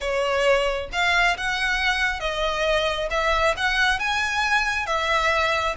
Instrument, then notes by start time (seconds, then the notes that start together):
violin
0.00 C#5
0.92 F5
1.37 F#5
2.19 D#5
3.10 E5
3.57 F#5
3.99 G#5
4.86 E5